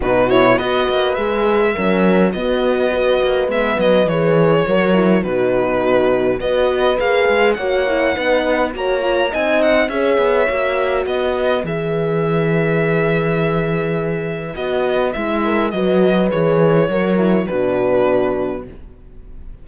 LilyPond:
<<
  \new Staff \with { instrumentName = "violin" } { \time 4/4 \tempo 4 = 103 b'8 cis''8 dis''4 e''2 | dis''2 e''8 dis''8 cis''4~ | cis''4 b'2 dis''4 | f''4 fis''2 ais''4 |
gis''8 fis''8 e''2 dis''4 | e''1~ | e''4 dis''4 e''4 dis''4 | cis''2 b'2 | }
  \new Staff \with { instrumentName = "horn" } { \time 4/4 fis'4 b'2 ais'4 | fis'4 b'2. | ais'4 fis'2 b'4~ | b'4 cis''4 b'4 cis''4 |
dis''4 cis''2 b'4~ | b'1~ | b'2~ b'8 ais'8 b'4~ | b'4 ais'4 fis'2 | }
  \new Staff \with { instrumentName = "horn" } { \time 4/4 dis'8 e'8 fis'4 gis'4 cis'4 | b4 fis'4 b4 gis'4 | fis'8 e'8 dis'2 fis'4 | gis'4 fis'8 e'8 dis'4 fis'8 f'8 |
dis'4 gis'4 fis'2 | gis'1~ | gis'4 fis'4 e'4 fis'4 | gis'4 fis'8 e'8 d'2 | }
  \new Staff \with { instrumentName = "cello" } { \time 4/4 b,4 b8 ais8 gis4 fis4 | b4. ais8 gis8 fis8 e4 | fis4 b,2 b4 | ais8 gis8 ais4 b4 ais4 |
c'4 cis'8 b8 ais4 b4 | e1~ | e4 b4 gis4 fis4 | e4 fis4 b,2 | }
>>